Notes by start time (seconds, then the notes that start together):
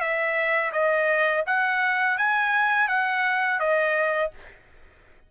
0.00 E5
0.72 D#5
1.46 F#5
2.17 G#5
2.88 F#5
3.59 D#5